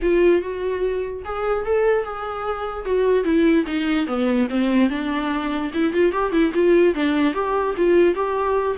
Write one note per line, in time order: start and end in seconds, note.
0.01 0.41 F4
0.41 1.23 F#4
1.24 1.65 G#4
1.65 2.04 A4
2.04 2.85 G#4
2.85 3.24 F#4
3.24 3.65 E4
3.66 4.06 D#4
4.06 4.47 B3
4.49 4.89 C4
4.89 5.71 D4
5.73 5.93 E4
5.93 6.12 F4
6.12 6.32 G4
6.32 6.52 E4
6.54 6.94 F4
6.94 7.33 D4
7.33 7.74 G4
7.77 8.14 F4
8.14 8.76 G4